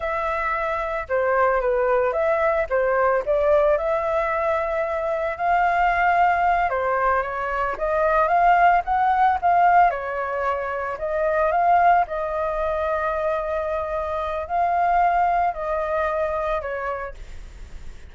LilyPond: \new Staff \with { instrumentName = "flute" } { \time 4/4 \tempo 4 = 112 e''2 c''4 b'4 | e''4 c''4 d''4 e''4~ | e''2 f''2~ | f''8 c''4 cis''4 dis''4 f''8~ |
f''8 fis''4 f''4 cis''4.~ | cis''8 dis''4 f''4 dis''4.~ | dis''2. f''4~ | f''4 dis''2 cis''4 | }